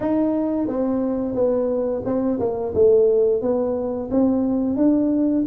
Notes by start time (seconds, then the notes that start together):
0.00 D#4
0.67 C4
1.35 B3
2.05 C4
2.39 A#3
2.74 A3
3.41 B3
4.10 C4
4.76 D4